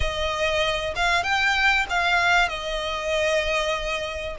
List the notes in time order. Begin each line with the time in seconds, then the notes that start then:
0.00 D#5
0.95 F5
1.23 G5
1.89 F5
2.48 D#5